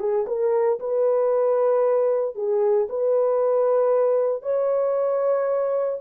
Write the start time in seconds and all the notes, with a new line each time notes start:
0.00 G#4
0.27 A#4
0.80 B4
2.35 G#4
2.89 B4
4.43 C#5